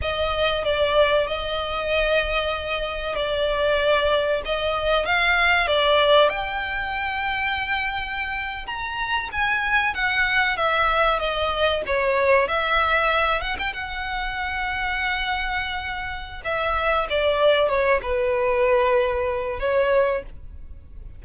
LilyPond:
\new Staff \with { instrumentName = "violin" } { \time 4/4 \tempo 4 = 95 dis''4 d''4 dis''2~ | dis''4 d''2 dis''4 | f''4 d''4 g''2~ | g''4.~ g''16 ais''4 gis''4 fis''16~ |
fis''8. e''4 dis''4 cis''4 e''16~ | e''4~ e''16 fis''16 g''16 fis''2~ fis''16~ | fis''2 e''4 d''4 | cis''8 b'2~ b'8 cis''4 | }